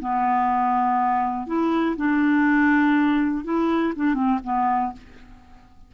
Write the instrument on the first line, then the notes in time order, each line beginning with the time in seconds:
clarinet
0.00 B3
1.46 E4
1.96 D4
3.44 E4
3.95 D4
4.14 C4
4.43 B3